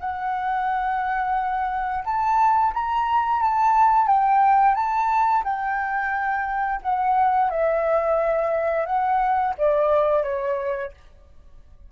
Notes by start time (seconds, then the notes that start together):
0.00 F#5
2.05 A5
2.74 A#5
3.42 A5
4.08 G5
4.75 A5
5.45 G5
6.82 F#5
7.51 E5
8.86 F#5
9.58 D5
10.24 C#5